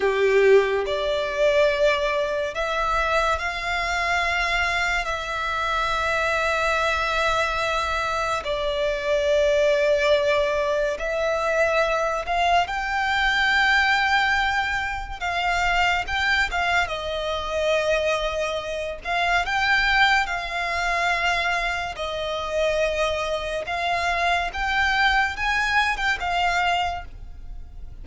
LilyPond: \new Staff \with { instrumentName = "violin" } { \time 4/4 \tempo 4 = 71 g'4 d''2 e''4 | f''2 e''2~ | e''2 d''2~ | d''4 e''4. f''8 g''4~ |
g''2 f''4 g''8 f''8 | dis''2~ dis''8 f''8 g''4 | f''2 dis''2 | f''4 g''4 gis''8. g''16 f''4 | }